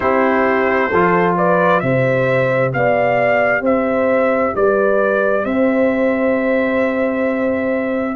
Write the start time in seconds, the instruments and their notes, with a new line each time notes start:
0.00 tuba C4, trombone E4, horn G4, trumpet C5
0.90 tuba F3, trombone F4, horn A4
1.37 horn B4, trumpet D5
1.80 tuba C3, trombone G4, horn C5, trumpet E5
2.73 tuba B3, horn D5, trumpet F5
3.60 tuba C4, horn C5, trumpet E5
4.55 tuba G3, horn B4, trumpet D5
5.43 tuba C4, horn C5, trumpet E5